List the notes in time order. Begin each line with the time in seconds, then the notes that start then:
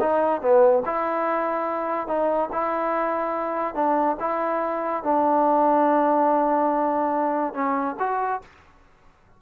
0.00 D#4
0.41 B3
0.85 E4
2.08 D#4
2.52 E4
3.75 D4
4.20 E4
5.03 D4
7.54 C#4
7.99 F#4